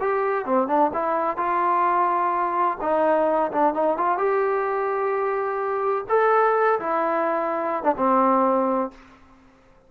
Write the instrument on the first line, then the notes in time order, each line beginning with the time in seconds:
trombone
0.00 G4
0.45 C4
0.67 D4
0.93 E4
1.37 F4
2.81 D#4
3.51 D4
3.74 D#4
3.97 F4
4.17 G4
6.09 A4
6.79 E4
7.83 D4
7.97 C4